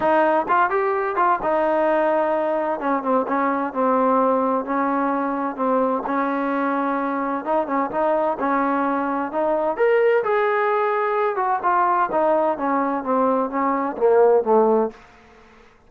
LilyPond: \new Staff \with { instrumentName = "trombone" } { \time 4/4 \tempo 4 = 129 dis'4 f'8 g'4 f'8 dis'4~ | dis'2 cis'8 c'8 cis'4 | c'2 cis'2 | c'4 cis'2. |
dis'8 cis'8 dis'4 cis'2 | dis'4 ais'4 gis'2~ | gis'8 fis'8 f'4 dis'4 cis'4 | c'4 cis'4 ais4 a4 | }